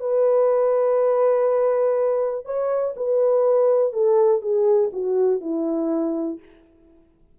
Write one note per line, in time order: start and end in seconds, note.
0.00 2.45 B4
2.45 2.95 C#5
2.96 3.93 B4
3.93 4.42 A4
4.42 4.91 G#4
4.93 5.41 F#4
5.41 6.39 E4